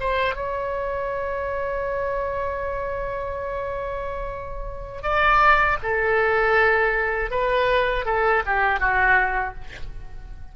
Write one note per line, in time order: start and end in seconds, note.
0.00 0.36 C5
0.36 5.03 C#5
5.03 5.78 D5
5.83 7.31 A4
7.31 8.06 B4
8.06 8.43 A4
8.46 8.80 G4
8.80 9.55 F#4